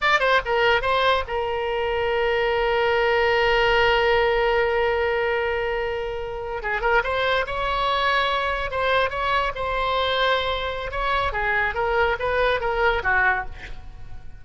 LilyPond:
\new Staff \with { instrumentName = "oboe" } { \time 4/4 \tempo 4 = 143 d''8 c''8 ais'4 c''4 ais'4~ | ais'1~ | ais'1~ | ais'2.~ ais'8. gis'16~ |
gis'16 ais'8 c''4 cis''2~ cis''16~ | cis''8. c''4 cis''4 c''4~ c''16~ | c''2 cis''4 gis'4 | ais'4 b'4 ais'4 fis'4 | }